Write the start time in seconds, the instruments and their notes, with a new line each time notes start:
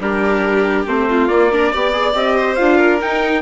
0.00 bassoon G3, viola D4, violin G4, trumpet A#4
0.86 bassoon A3, viola C4, trumpet C5
1.09 violin F4
1.27 bassoon A#3, viola A#3, trumpet D5
1.52 viola D4, violin A#4
1.72 bassoon B3, viola G4, violin D5
1.93 viola G#4
2.13 bassoon C4, viola G4, trumpet D#5
2.36 violin C5
2.55 bassoon D4, viola F4, trumpet F5
2.77 violin A#4
3.01 viola D#4, bassoon D#4, trumpet G5